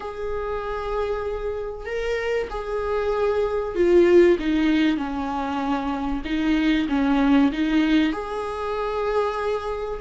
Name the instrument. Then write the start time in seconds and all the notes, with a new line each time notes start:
viola
0.00 G#4
1.85 A#4
2.50 G#4
3.75 F4
4.39 D#4
4.97 C#4
6.24 D#4
6.89 C#4
7.52 D#4
8.12 G#4